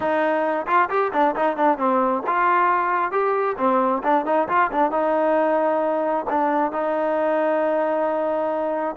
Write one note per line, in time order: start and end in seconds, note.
0.00 0.66 D#4
0.66 0.89 F4
0.89 1.12 G4
1.13 1.35 D4
1.35 1.56 D#4
1.56 1.78 D4
1.78 2.23 C4
2.26 3.11 F4
3.11 3.56 G4
3.57 4.02 C4
4.03 4.25 D4
4.25 4.48 D#4
4.48 4.71 F4
4.71 4.91 D4
4.91 6.25 D#4
6.29 6.72 D4
6.72 8.96 D#4